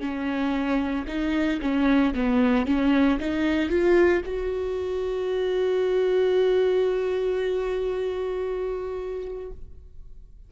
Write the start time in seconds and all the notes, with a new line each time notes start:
0.00 C#4
1.08 D#4
1.61 C#4
2.14 B3
2.66 C#4
3.20 D#4
3.69 F4
4.25 F#4